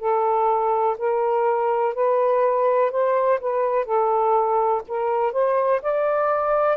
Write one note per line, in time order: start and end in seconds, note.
0.00 0.97 A4
0.98 1.94 A#4
1.94 2.91 B4
2.91 3.40 C5
3.40 3.85 B4
3.85 4.82 A4
4.88 5.33 A#4
5.33 5.81 C5
5.82 6.77 D5